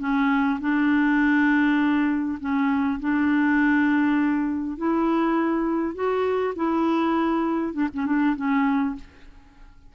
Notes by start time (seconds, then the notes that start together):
0.00 C#4
0.61 D4
2.41 C#4
3.01 D4
4.78 E4
5.95 F#4
6.56 E4
7.74 D4
7.94 C#4
8.06 D4
8.36 C#4